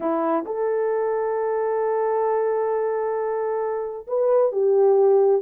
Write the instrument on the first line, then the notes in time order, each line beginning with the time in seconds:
horn
0.00 E4
0.45 A4
4.07 B4
4.52 G4